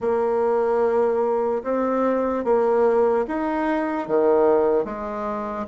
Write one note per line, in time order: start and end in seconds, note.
0.00 1.63 A#3
1.63 2.44 C4
2.44 3.25 A#3
3.27 4.07 D#4
4.07 4.84 D#3
4.84 5.65 G#3